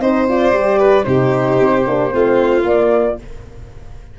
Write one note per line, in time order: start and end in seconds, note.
0.00 0.52 C4
0.00 0.28 D#4
0.00 0.79 C5
0.00 0.27 D#5
0.28 0.53 F4
0.28 1.03 D5
0.52 1.05 G3
0.52 1.04 G4
0.79 1.05 B4
1.03 1.60 C3
1.03 1.84 D#4
1.03 2.13 G4
1.03 2.63 C5
1.60 1.87 C4
1.86 2.14 A#3
1.86 2.10 D4
2.10 2.64 A3
2.10 2.63 C4
2.10 3.19 F4
2.64 3.17 A#3
2.64 3.19 D5